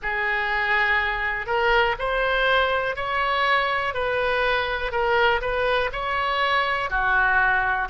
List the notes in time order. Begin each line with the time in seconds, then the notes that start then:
0.02 G#4
1.46 A#4
1.99 C5
2.96 C#5
3.93 B4
4.91 A#4
5.41 B4
5.92 C#5
6.90 F#4